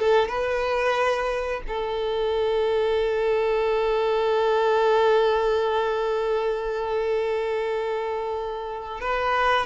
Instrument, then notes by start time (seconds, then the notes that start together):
violin
0.00 A4
0.28 B4
1.68 A4
9.01 B4